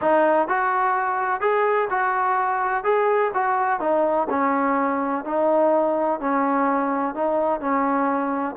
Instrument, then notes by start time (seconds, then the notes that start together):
trombone
0.01 D#4
0.48 F#4
1.40 G#4
1.90 F#4
2.83 G#4
3.34 F#4
3.80 D#4
4.29 C#4
5.24 D#4
6.19 C#4
7.15 D#4
7.60 C#4